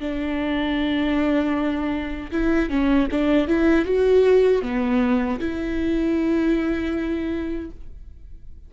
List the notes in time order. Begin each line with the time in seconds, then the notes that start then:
0.00 D4
2.31 E4
2.69 C#4
3.11 D4
3.48 E4
3.85 F#4
4.62 B3
5.40 E4